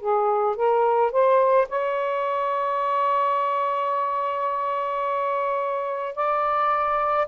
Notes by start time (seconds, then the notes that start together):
0.00 G#4
0.56 A#4
1.12 C5
1.69 C#5
6.15 D5